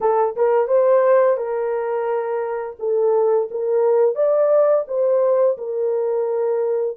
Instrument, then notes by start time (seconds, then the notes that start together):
horn
0.00 A4
0.36 A#4
0.67 C5
1.37 A#4
2.79 A4
3.50 A#4
4.15 D5
4.87 C5
5.57 A#4